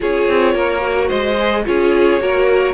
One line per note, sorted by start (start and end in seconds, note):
0.00 0.28 C#4
0.00 0.79 F4
0.00 0.54 G#4
0.00 1.08 C#5
0.28 0.55 C4
0.54 1.10 A#3
0.54 1.07 A#4
0.79 1.34 F#4
1.07 1.66 G#3
1.07 1.62 C5
1.07 1.63 D#5
1.39 1.65 G#4
1.65 2.19 C#4
1.65 2.19 F4
1.65 2.22 G#4
1.65 2.73 C#5
2.19 2.73 A#3
2.19 2.73 F#4
2.19 2.73 A#4